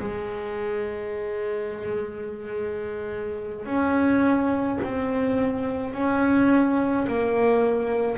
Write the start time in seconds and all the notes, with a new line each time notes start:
0.00 G#3
3.66 C#4
4.84 C4
5.94 C#4
7.08 A#3